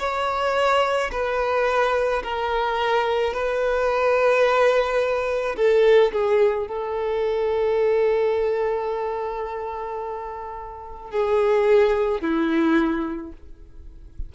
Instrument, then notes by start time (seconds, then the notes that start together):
violin
0.00 C#5
1.12 B4
2.23 A#4
3.34 B4
5.57 A4
6.13 G#4
6.68 A4
11.11 G#4
12.21 E4